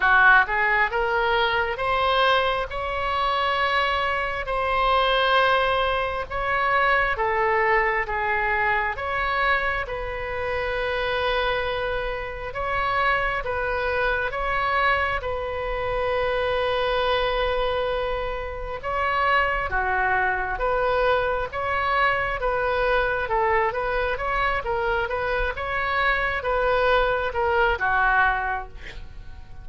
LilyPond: \new Staff \with { instrumentName = "oboe" } { \time 4/4 \tempo 4 = 67 fis'8 gis'8 ais'4 c''4 cis''4~ | cis''4 c''2 cis''4 | a'4 gis'4 cis''4 b'4~ | b'2 cis''4 b'4 |
cis''4 b'2.~ | b'4 cis''4 fis'4 b'4 | cis''4 b'4 a'8 b'8 cis''8 ais'8 | b'8 cis''4 b'4 ais'8 fis'4 | }